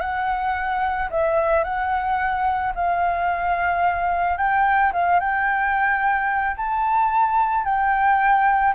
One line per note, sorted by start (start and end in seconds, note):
0.00 1.09 F#5
1.10 1.64 E5
1.64 2.73 F#5
2.75 4.37 F5
4.37 4.92 G5
4.92 5.20 F5
5.20 6.56 G5
6.56 7.64 A5
7.64 8.73 G5